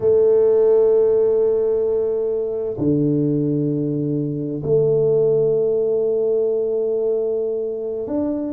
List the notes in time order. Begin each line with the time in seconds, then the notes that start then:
0.00 A3
2.77 D3
4.63 A3
8.07 D4